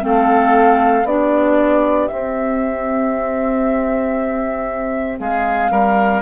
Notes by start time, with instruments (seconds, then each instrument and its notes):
0.00 bassoon A3, clarinet C4, oboe A4, flute F5
1.04 bassoon B3, clarinet D4, oboe G4, flute D5
2.08 clarinet C4, bassoon C4, flute E5
5.18 bassoon G#3, oboe G#4, flute F5
5.70 bassoon G3, oboe A#4